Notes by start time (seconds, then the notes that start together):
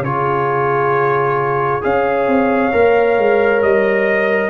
0.00 C#3 F4 G#4 C#5
1.81 C#4 G#4 C#5 F5
2.27 C4
2.72 A#3 A#4
3.18 G#3
3.62 G3 D#5